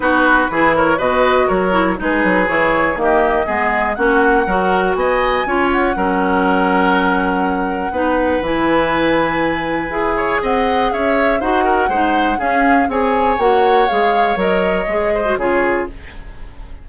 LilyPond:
<<
  \new Staff \with { instrumentName = "flute" } { \time 4/4 \tempo 4 = 121 b'4. cis''8 dis''4 cis''4 | b'4 cis''4 dis''2 | fis''2 gis''4. fis''8~ | fis''1~ |
fis''4 gis''2.~ | gis''4 fis''4 e''4 fis''4~ | fis''4 f''4 gis''4 fis''4 | f''4 dis''2 cis''4 | }
  \new Staff \with { instrumentName = "oboe" } { \time 4/4 fis'4 gis'8 ais'8 b'4 ais'4 | gis'2 g'4 gis'4 | fis'4 ais'4 dis''4 cis''4 | ais'1 |
b'1~ | b'8 cis''8 dis''4 cis''4 c''8 ais'8 | c''4 gis'4 cis''2~ | cis''2~ cis''8 c''8 gis'4 | }
  \new Staff \with { instrumentName = "clarinet" } { \time 4/4 dis'4 e'4 fis'4. e'8 | dis'4 e'4 ais4 b4 | cis'4 fis'2 f'4 | cis'1 |
dis'4 e'2. | gis'2. fis'4 | dis'4 cis'4 gis'4 fis'4 | gis'4 ais'4 gis'8. fis'16 f'4 | }
  \new Staff \with { instrumentName = "bassoon" } { \time 4/4 b4 e4 b,4 fis4 | gis8 fis8 e4 dis4 gis4 | ais4 fis4 b4 cis'4 | fis1 |
b4 e2. | e'4 c'4 cis'4 dis'4 | gis4 cis'4 c'4 ais4 | gis4 fis4 gis4 cis4 | }
>>